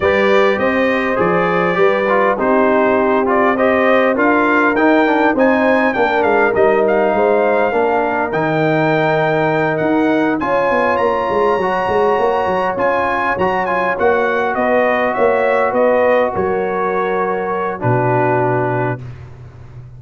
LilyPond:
<<
  \new Staff \with { instrumentName = "trumpet" } { \time 4/4 \tempo 4 = 101 d''4 dis''4 d''2 | c''4. d''8 dis''4 f''4 | g''4 gis''4 g''8 f''8 dis''8 f''8~ | f''2 g''2~ |
g''8 fis''4 gis''4 ais''4.~ | ais''4. gis''4 ais''8 gis''8 fis''8~ | fis''8 dis''4 e''4 dis''4 cis''8~ | cis''2 b'2 | }
  \new Staff \with { instrumentName = "horn" } { \time 4/4 b'4 c''2 b'4 | g'2 c''4 ais'4~ | ais'4 c''4 ais'2 | c''4 ais'2.~ |
ais'4. cis''2~ cis''8~ | cis''1~ | cis''8 b'4 cis''4 b'4 ais'8~ | ais'2 fis'2 | }
  \new Staff \with { instrumentName = "trombone" } { \time 4/4 g'2 gis'4 g'8 f'8 | dis'4. f'8 g'4 f'4 | dis'8 d'8 dis'4 d'4 dis'4~ | dis'4 d'4 dis'2~ |
dis'4. f'2 fis'8~ | fis'4. f'4 fis'8 f'8 fis'8~ | fis'1~ | fis'2 d'2 | }
  \new Staff \with { instrumentName = "tuba" } { \time 4/4 g4 c'4 f4 g4 | c'2. d'4 | dis'4 c'4 ais8 gis8 g4 | gis4 ais4 dis2~ |
dis8 dis'4 cis'8 b8 ais8 gis8 fis8 | gis8 ais8 fis8 cis'4 fis4 ais8~ | ais8 b4 ais4 b4 fis8~ | fis2 b,2 | }
>>